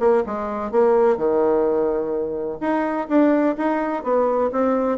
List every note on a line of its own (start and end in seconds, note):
0.00 0.24 A#3
0.26 0.72 G#3
0.72 1.17 A#3
1.17 2.59 D#3
2.61 3.08 D#4
3.09 3.56 D4
3.57 4.04 D#4
4.04 4.51 B3
4.52 4.98 C4